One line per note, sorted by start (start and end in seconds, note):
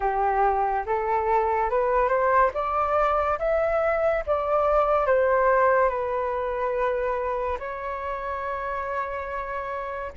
0.00 0.85 G4
0.86 1.69 A4
1.69 2.08 B4
2.08 2.50 C5
2.54 3.38 D5
3.38 4.23 E5
4.26 5.06 D5
5.06 5.89 C5
5.89 7.58 B4
7.59 10.12 C#5